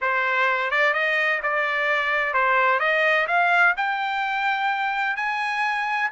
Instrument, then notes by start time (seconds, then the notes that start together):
trumpet
0.01 C5
0.70 D5
0.93 D#5
1.42 D5
2.33 C5
2.79 D#5
3.27 F5
3.76 G5
5.16 G#5